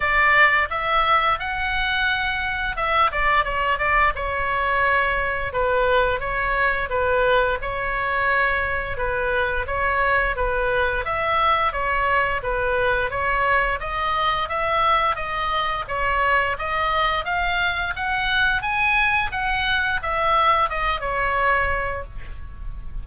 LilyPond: \new Staff \with { instrumentName = "oboe" } { \time 4/4 \tempo 4 = 87 d''4 e''4 fis''2 | e''8 d''8 cis''8 d''8 cis''2 | b'4 cis''4 b'4 cis''4~ | cis''4 b'4 cis''4 b'4 |
e''4 cis''4 b'4 cis''4 | dis''4 e''4 dis''4 cis''4 | dis''4 f''4 fis''4 gis''4 | fis''4 e''4 dis''8 cis''4. | }